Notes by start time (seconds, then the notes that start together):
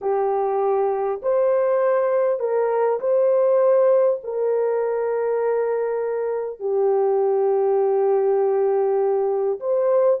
0.01 G4
1.22 C5
2.39 A#4
2.99 C5
4.23 A#4
6.59 G4
9.60 C5